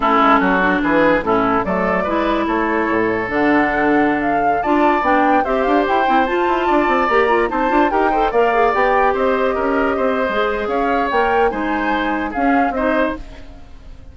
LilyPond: <<
  \new Staff \with { instrumentName = "flute" } { \time 4/4 \tempo 4 = 146 a'2 b'4 a'4 | d''2 cis''2 | fis''2~ fis''16 f''4 a''8.~ | a''16 g''4 e''8 f''8 g''4 a''8.~ |
a''4~ a''16 ais''4 a''4 g''8.~ | g''16 f''4 g''4 dis''4.~ dis''16~ | dis''2 f''4 g''4 | gis''2 f''4 dis''4 | }
  \new Staff \with { instrumentName = "oboe" } { \time 4/4 e'4 fis'4 gis'4 e'4 | a'4 b'4 a'2~ | a'2.~ a'16 d''8.~ | d''4~ d''16 c''2~ c''8.~ |
c''16 d''2 c''4 ais'8 c''16~ | c''16 d''2 c''4 ais'8.~ | ais'16 c''4.~ c''16 cis''2 | c''2 gis'4 c''4 | }
  \new Staff \with { instrumentName = "clarinet" } { \time 4/4 cis'4. d'4. cis'4 | a4 e'2. | d'2.~ d'16 f'8.~ | f'16 d'4 g'4. e'8 f'8.~ |
f'4~ f'16 g'8 f'8 dis'8 f'8 g'8 a'16~ | a'16 ais'8 gis'8 g'2~ g'8.~ | g'4 gis'2 ais'4 | dis'2 cis'4 dis'4 | }
  \new Staff \with { instrumentName = "bassoon" } { \time 4/4 a8 gis8 fis4 e4 a,4 | fis4 gis4 a4 a,4 | d2.~ d16 d'8.~ | d'16 b4 c'8 d'8 e'8 c'8 f'8 e'16~ |
e'16 d'8 c'8 ais4 c'8 d'8 dis'8.~ | dis'16 ais4 b4 c'4 cis'8.~ | cis'16 c'8. gis4 cis'4 ais4 | gis2 cis'4 c'4 | }
>>